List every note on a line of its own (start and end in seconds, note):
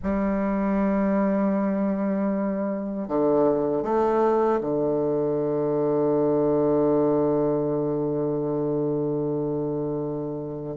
0.02 3.08 G3
3.08 3.83 D3
3.83 4.59 A3
4.60 10.76 D3